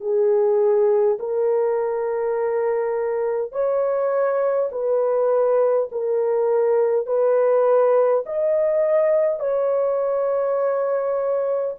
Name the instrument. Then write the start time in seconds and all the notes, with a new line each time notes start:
horn
0.00 G#4
1.19 A#4
3.51 C#5
4.71 B4
5.91 A#4
7.06 B4
8.26 D#5
9.39 C#5